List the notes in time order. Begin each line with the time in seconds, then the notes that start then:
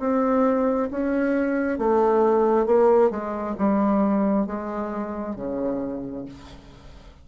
0.00 C4
0.91 C#4
1.79 A3
2.66 A#3
3.11 G#3
3.59 G3
4.47 G#3
5.36 C#3